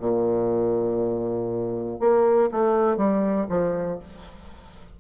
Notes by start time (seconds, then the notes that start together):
0.00 A#2
2.00 A#3
2.52 A3
2.97 G3
3.49 F3